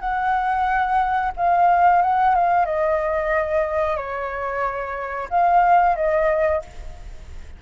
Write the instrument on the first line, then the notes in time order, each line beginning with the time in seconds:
flute
0.00 F#5
1.37 F5
2.02 F#5
2.35 F5
2.66 D#5
3.97 C#5
5.30 F5
5.96 D#5